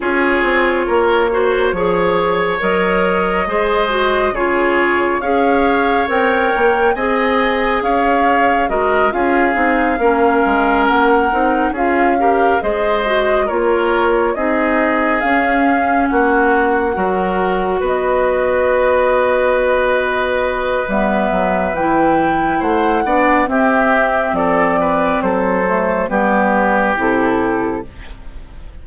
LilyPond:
<<
  \new Staff \with { instrumentName = "flute" } { \time 4/4 \tempo 4 = 69 cis''2. dis''4~ | dis''4 cis''4 f''4 g''4 | gis''4 f''4 dis''8 f''4.~ | f''8 fis''4 f''4 dis''4 cis''8~ |
cis''8 dis''4 f''4 fis''4.~ | fis''8 dis''2.~ dis''8 | e''4 g''4 fis''4 e''4 | d''4 c''4 b'4 a'4 | }
  \new Staff \with { instrumentName = "oboe" } { \time 4/4 gis'4 ais'8 c''8 cis''2 | c''4 gis'4 cis''2 | dis''4 cis''4 ais'8 gis'4 ais'8~ | ais'4. gis'8 ais'8 c''4 ais'8~ |
ais'8 gis'2 fis'4 ais'8~ | ais'8 b'2.~ b'8~ | b'2 c''8 d''8 g'4 | a'8 b'8 a'4 g'2 | }
  \new Staff \with { instrumentName = "clarinet" } { \time 4/4 f'4. fis'8 gis'4 ais'4 | gis'8 fis'8 f'4 gis'4 ais'4 | gis'2 fis'8 f'8 dis'8 cis'8~ | cis'4 dis'8 f'8 g'8 gis'8 fis'8 f'8~ |
f'8 dis'4 cis'2 fis'8~ | fis'1 | b4 e'4. d'8 c'4~ | c'4. a8 b4 e'4 | }
  \new Staff \with { instrumentName = "bassoon" } { \time 4/4 cis'8 c'8 ais4 f4 fis4 | gis4 cis4 cis'4 c'8 ais8 | c'4 cis'4 gis8 cis'8 c'8 ais8 | gis8 ais8 c'8 cis'4 gis4 ais8~ |
ais8 c'4 cis'4 ais4 fis8~ | fis8 b2.~ b8 | g8 fis8 e4 a8 b8 c'4 | f4 fis4 g4 c4 | }
>>